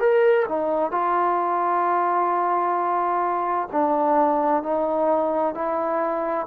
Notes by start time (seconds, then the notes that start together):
0.00 A#4
0.49 D#4
0.91 F4
3.72 D4
4.63 D#4
5.54 E4